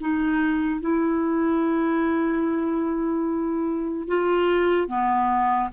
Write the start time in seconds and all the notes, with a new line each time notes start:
0.00 D#4
0.80 E4
4.07 F4
4.88 B3